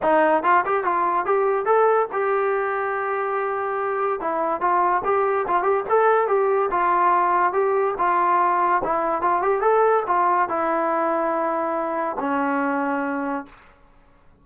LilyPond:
\new Staff \with { instrumentName = "trombone" } { \time 4/4 \tempo 4 = 143 dis'4 f'8 g'8 f'4 g'4 | a'4 g'2.~ | g'2 e'4 f'4 | g'4 f'8 g'8 a'4 g'4 |
f'2 g'4 f'4~ | f'4 e'4 f'8 g'8 a'4 | f'4 e'2.~ | e'4 cis'2. | }